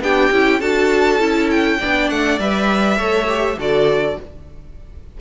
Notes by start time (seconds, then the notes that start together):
0.00 B3 D4 G4 G5
0.31 C#4 E4
0.60 D4 F#4 A4 A5
1.19 C#4 E4
1.51 G5
1.79 B3 D4 D5
2.10 A3 F#5
2.39 G3 B4 E5
2.97 A3 A4 C#5
3.27 G4
3.58 D3 F#4 A4 D5